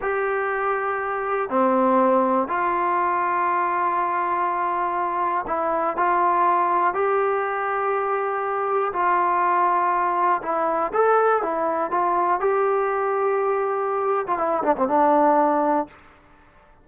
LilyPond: \new Staff \with { instrumentName = "trombone" } { \time 4/4 \tempo 4 = 121 g'2. c'4~ | c'4 f'2.~ | f'2. e'4 | f'2 g'2~ |
g'2 f'2~ | f'4 e'4 a'4 e'4 | f'4 g'2.~ | g'8. f'16 e'8 d'16 c'16 d'2 | }